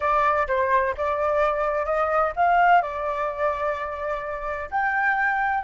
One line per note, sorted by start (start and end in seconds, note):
0.00 0.47 D5
0.47 0.94 C5
0.97 1.85 D5
1.85 2.32 D#5
2.35 2.81 F5
2.81 4.69 D5
4.70 5.64 G5